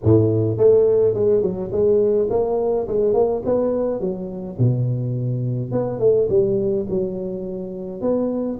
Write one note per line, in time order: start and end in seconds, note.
0.03 0.57 A2
0.57 1.14 A3
1.14 1.42 G#3
1.42 1.70 F#3
1.71 2.29 G#3
2.30 2.87 A#3
2.87 3.13 G#3
3.13 3.42 A#3
3.45 4.00 B3
4.00 4.57 F#3
4.58 5.71 B2
5.71 5.99 B3
5.99 6.28 A3
6.29 6.86 G3
6.89 8.01 F#3
8.01 8.58 B3